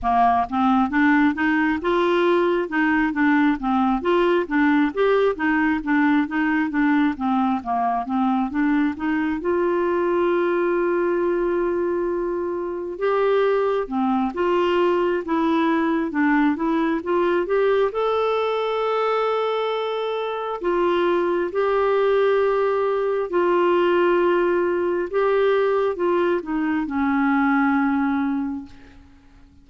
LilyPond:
\new Staff \with { instrumentName = "clarinet" } { \time 4/4 \tempo 4 = 67 ais8 c'8 d'8 dis'8 f'4 dis'8 d'8 | c'8 f'8 d'8 g'8 dis'8 d'8 dis'8 d'8 | c'8 ais8 c'8 d'8 dis'8 f'4.~ | f'2~ f'8 g'4 c'8 |
f'4 e'4 d'8 e'8 f'8 g'8 | a'2. f'4 | g'2 f'2 | g'4 f'8 dis'8 cis'2 | }